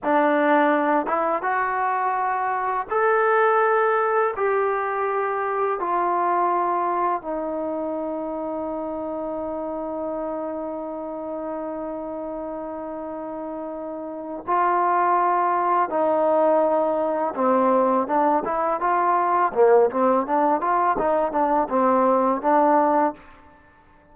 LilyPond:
\new Staff \with { instrumentName = "trombone" } { \time 4/4 \tempo 4 = 83 d'4. e'8 fis'2 | a'2 g'2 | f'2 dis'2~ | dis'1~ |
dis'1 | f'2 dis'2 | c'4 d'8 e'8 f'4 ais8 c'8 | d'8 f'8 dis'8 d'8 c'4 d'4 | }